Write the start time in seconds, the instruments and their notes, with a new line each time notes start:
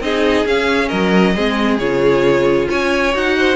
0.00 cello C4, viola D#4, violin G#4 D#5
0.46 cello C#4, viola C#4, violin F5
0.89 cello F#3, violin A#4 D#5
1.35 cello G#3, viola C4, violin G#4
1.79 cello C#3, viola F4, violin C#5
2.69 cello C#4, violin C#5 G#5
3.12 cello D#4, viola F#4, violin F#5
3.39 violin C5